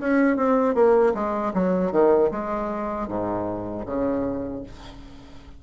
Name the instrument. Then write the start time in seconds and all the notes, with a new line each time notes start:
bassoon
0.00 C#4
0.37 C4
0.75 A#3
1.15 G#3
1.54 F#3
1.92 D#3
2.31 G#3
3.08 G#2
3.86 C#3